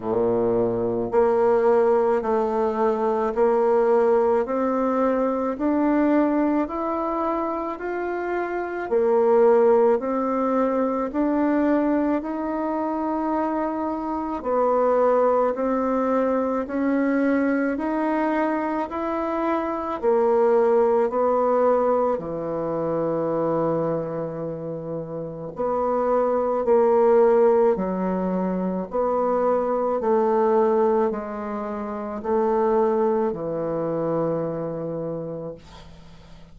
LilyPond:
\new Staff \with { instrumentName = "bassoon" } { \time 4/4 \tempo 4 = 54 ais,4 ais4 a4 ais4 | c'4 d'4 e'4 f'4 | ais4 c'4 d'4 dis'4~ | dis'4 b4 c'4 cis'4 |
dis'4 e'4 ais4 b4 | e2. b4 | ais4 fis4 b4 a4 | gis4 a4 e2 | }